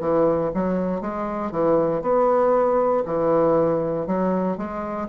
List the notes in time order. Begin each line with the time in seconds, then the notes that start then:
0.00 E3
0.54 F#3
1.01 G#3
1.51 E3
2.02 B3
3.05 E3
4.06 F#3
4.57 G#3